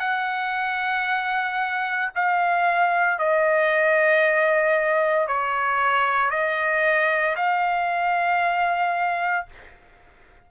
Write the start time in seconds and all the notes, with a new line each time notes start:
0.00 F#5
2.16 F5
3.20 D#5
5.28 C#5
6.31 D#5
7.36 F5